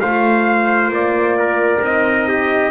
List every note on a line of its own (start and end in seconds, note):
0.00 0.89 A3
0.00 1.82 F4
0.00 1.38 C5
0.00 0.91 F5
0.89 1.80 A#3
0.89 1.84 D5
1.39 2.28 A#4
1.80 2.71 C4
1.80 2.71 D#4
1.80 2.71 D#5
2.28 2.71 G4